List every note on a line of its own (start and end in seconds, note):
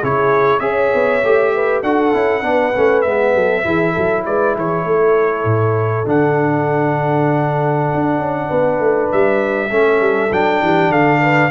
0.00 0.60 C#3
0.00 0.61 E4
0.00 0.61 G#4
0.00 0.60 C#5
0.60 0.91 C#4
0.60 1.21 G#4
0.60 1.54 C#5
0.60 1.81 E5
0.94 1.24 B3
1.24 1.83 A3
1.24 1.84 G4
1.54 1.84 B4
1.83 2.14 D4
1.83 2.14 F#4
1.83 2.43 A4
1.83 3.02 F#5
2.14 2.43 C#4
2.14 2.43 E4
2.43 2.73 B3
2.43 2.73 D4
2.43 3.34 B4
2.77 3.06 A3
2.77 3.06 C#4
3.02 3.35 G#3
3.02 3.64 B3
3.02 4.23 E5
3.35 3.65 F#3
3.35 3.65 A4
3.64 3.96 E3
3.64 6.06 E4
3.64 3.93 G#4
3.93 4.27 F#3
3.93 4.24 A4
4.26 4.56 G#3
4.26 4.57 B4
4.26 4.56 D5
4.56 4.85 E3
4.56 4.85 G#4
4.56 6.09 C#5
4.85 5.45 A3
4.85 8.48 A4
5.45 6.05 A2
6.06 7.89 D3
6.06 9.70 D4
6.06 9.12 F#5
7.95 8.19 D4
8.19 8.49 C#4
8.48 8.80 B3
8.48 9.69 B4
8.80 9.10 A3
9.12 9.71 G3
9.12 10.33 E5
9.70 10.01 A3
9.70 10.31 C#4
9.70 10.64 A4
10.01 10.31 G3
10.32 10.62 F#3
10.32 11.52 D4
10.32 10.92 G5
10.63 10.89 E3
10.63 10.92 G4
10.89 11.50 D3
10.89 11.21 A4
10.89 11.52 F5
11.21 11.52 B4